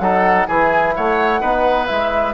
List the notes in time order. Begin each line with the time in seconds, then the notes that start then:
0.00 F#3 D#4 A4 F#5
0.47 E3 E4 G#4 G#5
0.96 A3 C#5 F#5
1.41 B3 D#4 B4
1.87 G#3 E4 E5